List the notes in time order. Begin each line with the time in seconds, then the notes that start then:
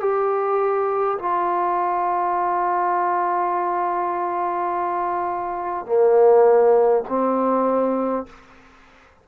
0.00 G4
1.19 F4
5.86 A#3
7.09 C4